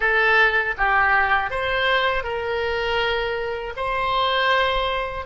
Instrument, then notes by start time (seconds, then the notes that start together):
oboe
0.00 A4
0.77 G4
1.50 C5
2.23 A#4
3.76 C5